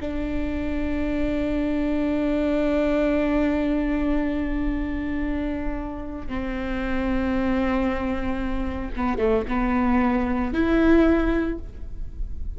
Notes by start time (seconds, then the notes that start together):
0.00 D4
6.27 C4
8.96 B3
9.18 A3
9.47 B3
10.53 E4